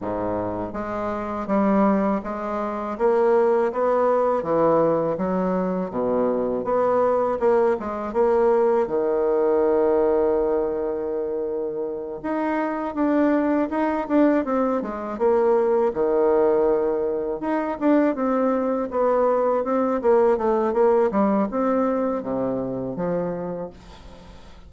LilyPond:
\new Staff \with { instrumentName = "bassoon" } { \time 4/4 \tempo 4 = 81 gis,4 gis4 g4 gis4 | ais4 b4 e4 fis4 | b,4 b4 ais8 gis8 ais4 | dis1~ |
dis8 dis'4 d'4 dis'8 d'8 c'8 | gis8 ais4 dis2 dis'8 | d'8 c'4 b4 c'8 ais8 a8 | ais8 g8 c'4 c4 f4 | }